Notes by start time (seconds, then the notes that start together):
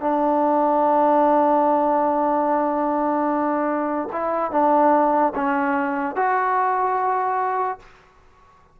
0.00 D4
4.12 E4
4.51 D4
5.35 C#4
6.15 F#4